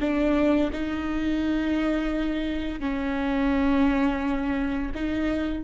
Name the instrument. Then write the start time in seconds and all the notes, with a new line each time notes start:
viola
0.00 D4
0.72 D#4
2.79 C#4
4.94 D#4